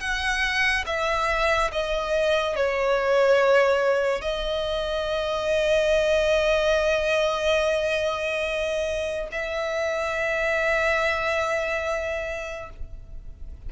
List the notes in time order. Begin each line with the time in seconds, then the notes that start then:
0.00 F#5
0.86 E5
1.72 D#5
2.55 C#5
4.21 D#5
9.31 E5